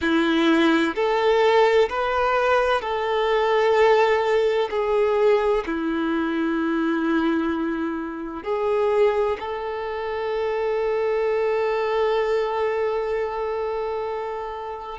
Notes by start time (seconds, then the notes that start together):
0.01 E4
0.95 A4
1.89 B4
2.81 A4
4.70 G#4
5.66 E4
8.43 G#4
9.39 A4